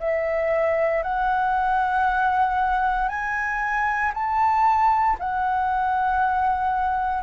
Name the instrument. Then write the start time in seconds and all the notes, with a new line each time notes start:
flute
0.00 E5
1.03 F#5
3.09 G#5
4.14 A5
5.20 F#5